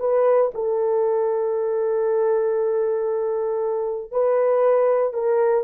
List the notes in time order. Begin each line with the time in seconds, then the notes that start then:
0.00 B4
0.55 A4
4.12 B4
5.14 A#4